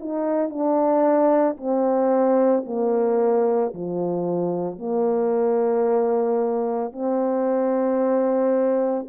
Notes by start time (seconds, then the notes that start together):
0.00 D#4
0.50 D4
1.57 C4
2.66 A#3
3.75 F3
4.79 A#3
6.93 C4